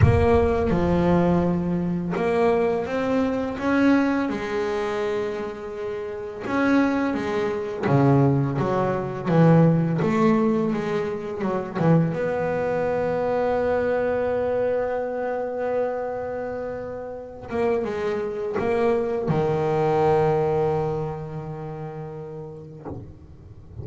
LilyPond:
\new Staff \with { instrumentName = "double bass" } { \time 4/4 \tempo 4 = 84 ais4 f2 ais4 | c'4 cis'4 gis2~ | gis4 cis'4 gis4 cis4 | fis4 e4 a4 gis4 |
fis8 e8 b2.~ | b1~ | b8 ais8 gis4 ais4 dis4~ | dis1 | }